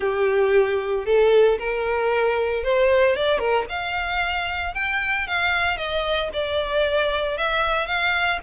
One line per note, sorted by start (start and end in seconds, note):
0.00 1.05 G4
1.05 1.58 A4
1.58 2.63 A#4
2.63 3.16 C5
3.16 3.39 D5
3.39 3.65 A#4
3.69 4.74 F5
4.74 5.27 G5
5.27 5.77 F5
5.77 6.29 D#5
6.33 7.37 D5
7.37 7.86 E5
7.86 8.39 F5